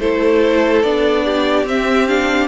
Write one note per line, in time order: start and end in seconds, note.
0.00 0.83 A3
0.00 0.85 E4
0.00 1.25 A4
0.00 0.83 C5
0.83 1.64 B3
0.83 1.67 D4
0.83 1.66 D5
1.25 2.48 G4
1.64 2.48 C4
1.64 2.09 C4
1.64 2.08 E5
2.08 2.48 D4
2.08 2.48 F5